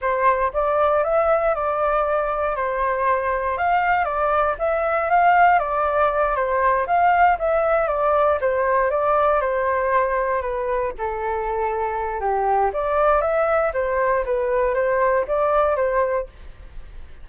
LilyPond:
\new Staff \with { instrumentName = "flute" } { \time 4/4 \tempo 4 = 118 c''4 d''4 e''4 d''4~ | d''4 c''2 f''4 | d''4 e''4 f''4 d''4~ | d''8 c''4 f''4 e''4 d''8~ |
d''8 c''4 d''4 c''4.~ | c''8 b'4 a'2~ a'8 | g'4 d''4 e''4 c''4 | b'4 c''4 d''4 c''4 | }